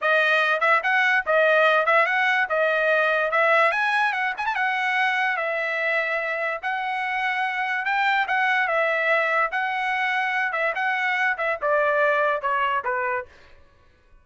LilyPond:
\new Staff \with { instrumentName = "trumpet" } { \time 4/4 \tempo 4 = 145 dis''4. e''8 fis''4 dis''4~ | dis''8 e''8 fis''4 dis''2 | e''4 gis''4 fis''8 gis''16 a''16 fis''4~ | fis''4 e''2. |
fis''2. g''4 | fis''4 e''2 fis''4~ | fis''4. e''8 fis''4. e''8 | d''2 cis''4 b'4 | }